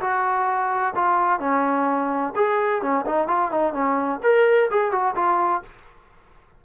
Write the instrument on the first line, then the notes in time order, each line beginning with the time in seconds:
trombone
0.00 F#4
0.95 F4
1.39 C#4
2.35 G#4
2.81 C#4
3.06 D#4
3.27 F4
3.51 D#4
3.73 C#4
4.23 A#4
4.70 G#4
4.91 F#4
5.15 F4